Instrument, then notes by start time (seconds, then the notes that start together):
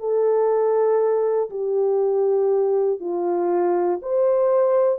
horn
0.00 A4
1.51 G4
3.01 F4
4.02 C5